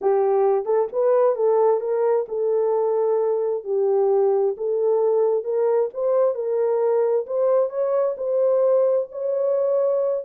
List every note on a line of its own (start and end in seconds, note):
0.01 0.65 G4
0.65 0.88 A4
0.92 1.35 B4
1.35 1.80 A4
1.80 2.25 A#4
2.28 3.64 A4
3.64 4.55 G4
4.57 5.44 A4
5.44 5.89 A#4
5.93 6.34 C5
6.34 7.25 A#4
7.26 7.69 C5
7.69 8.15 C#5
8.17 9.08 C5
9.11 10.24 C#5